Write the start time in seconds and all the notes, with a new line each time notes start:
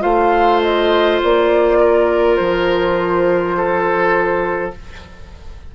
0.00 A3 F4 C5 F5
0.62 D#5
1.23 A#3 D5
1.80 A#4
2.36 F3 C5
3.57 A4